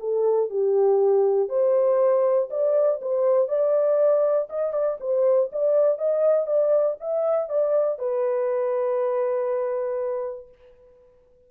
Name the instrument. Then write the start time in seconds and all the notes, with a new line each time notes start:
horn
0.00 A4
0.50 G4
1.49 C5
2.50 D5
3.01 C5
3.48 D5
4.50 D#5
4.73 D5
5.00 C5
5.52 D5
5.98 D#5
6.47 D5
7.00 E5
7.49 D5
7.99 B4